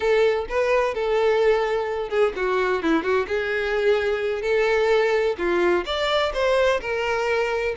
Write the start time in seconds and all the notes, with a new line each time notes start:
0.00 A4
0.49 B4
0.94 A4
2.09 G#4
2.35 F#4
2.82 E4
3.03 F#4
3.27 G#4
4.42 A4
5.38 F4
5.85 D5
6.33 C5
6.81 A#4